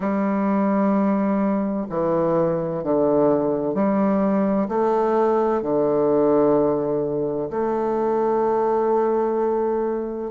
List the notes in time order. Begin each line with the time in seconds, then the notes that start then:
0.00 G3
1.89 E3
2.83 D3
3.74 G3
4.68 A3
5.62 D3
7.50 A3